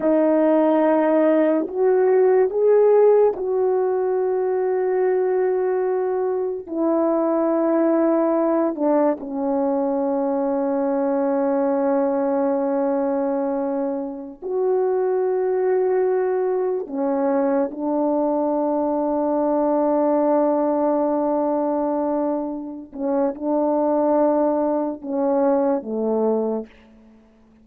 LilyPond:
\new Staff \with { instrumentName = "horn" } { \time 4/4 \tempo 4 = 72 dis'2 fis'4 gis'4 | fis'1 | e'2~ e'8 d'8 cis'4~ | cis'1~ |
cis'4~ cis'16 fis'2~ fis'8.~ | fis'16 cis'4 d'2~ d'8.~ | d'2.~ d'8 cis'8 | d'2 cis'4 a4 | }